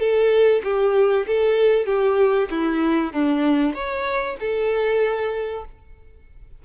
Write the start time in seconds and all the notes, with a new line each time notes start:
0.00 A4
0.64 G4
1.27 A4
1.86 G4
2.51 E4
3.13 D4
3.74 C#5
4.40 A4